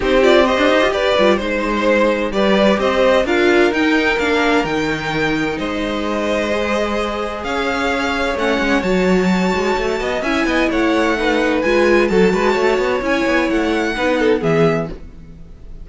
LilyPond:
<<
  \new Staff \with { instrumentName = "violin" } { \time 4/4 \tempo 4 = 129 c''8 d''8 dis''4 d''4 c''4~ | c''4 d''4 dis''4 f''4 | g''4 f''4 g''2 | dis''1 |
f''2 fis''4 a''4~ | a''2 gis''4 fis''4~ | fis''4 gis''4 a''2 | gis''4 fis''2 e''4 | }
  \new Staff \with { instrumentName = "violin" } { \time 4/4 g'4 c''4 b'4 c''4~ | c''4 b'4 c''4 ais'4~ | ais'1 | c''1 |
cis''1~ | cis''4. dis''8 e''8 dis''8 cis''4 | b'2 a'8 b'8 cis''4~ | cis''2 b'8 a'8 gis'4 | }
  \new Staff \with { instrumentName = "viola" } { \time 4/4 dis'8 f'8 g'4. f'8 dis'4~ | dis'4 g'2 f'4 | dis'4 d'4 dis'2~ | dis'2 gis'2~ |
gis'2 cis'4 fis'4~ | fis'2 e'2 | dis'4 f'4 fis'2 | e'2 dis'4 b4 | }
  \new Staff \with { instrumentName = "cello" } { \time 4/4 c'4~ c'16 d'16 dis'16 f'16 g'8 g8 gis4~ | gis4 g4 c'4 d'4 | dis'4 ais4 dis2 | gis1 |
cis'2 a8 gis8 fis4~ | fis8 gis8 a8 b8 cis'8 b8 a4~ | a4 gis4 fis8 gis8 a8 b8 | cis'8 b8 a4 b4 e4 | }
>>